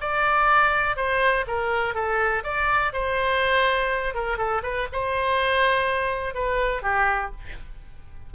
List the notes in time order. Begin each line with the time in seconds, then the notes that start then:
0.00 D5
0.96 C5
1.47 A#4
1.94 A4
2.43 D5
2.92 C5
4.14 A#4
4.37 A4
4.63 B4
4.92 C5
6.34 B4
6.82 G4